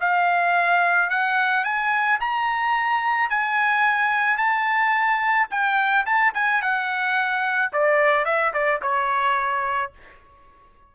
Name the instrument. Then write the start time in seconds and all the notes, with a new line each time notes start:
trumpet
0.00 F5
1.10 F#5
1.64 G#5
2.20 A#5
3.30 G#5
4.37 A5
5.50 G5
6.06 A5
6.34 G#5
6.62 F#5
7.73 D5
8.25 E5
8.53 D5
8.82 C#5